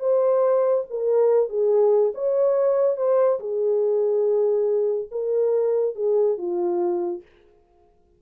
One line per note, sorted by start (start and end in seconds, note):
0.00 0.85 C5
0.90 1.49 A#4
1.49 2.13 G#4
2.15 2.97 C#5
2.97 3.39 C5
3.40 5.09 G#4
5.11 5.95 A#4
5.95 6.38 G#4
6.38 7.22 F4